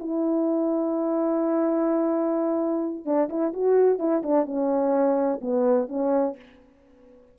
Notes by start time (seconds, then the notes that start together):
0.00 E4
3.06 D4
3.30 E4
3.54 F#4
3.99 E4
4.23 D4
4.46 C#4
5.42 B3
5.89 C#4